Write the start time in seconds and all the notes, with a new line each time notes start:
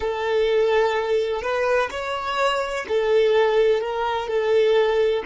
0.00 A4
1.42 B4
1.90 C#5
2.88 A4
3.81 A#4
4.28 A4